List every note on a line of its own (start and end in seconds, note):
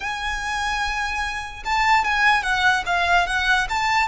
0.00 1.63 G#5
1.64 2.04 A5
2.04 2.42 G#5
2.42 2.83 F#5
2.86 3.26 F5
3.27 3.67 F#5
3.69 4.07 A5